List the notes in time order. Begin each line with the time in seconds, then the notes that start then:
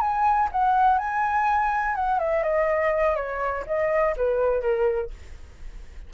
0.00 G#5
0.52 F#5
0.98 G#5
1.95 F#5
2.19 E5
2.43 D#5
3.16 C#5
3.67 D#5
4.16 B4
4.61 A#4